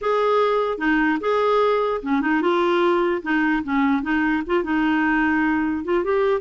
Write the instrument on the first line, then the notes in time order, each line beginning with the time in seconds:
clarinet
0.01 G#4
0.78 D#4
1.20 G#4
2.02 C#4
2.21 D#4
2.41 F4
3.22 D#4
3.63 C#4
4.02 D#4
4.46 F4
4.63 D#4
5.84 F4
6.04 G4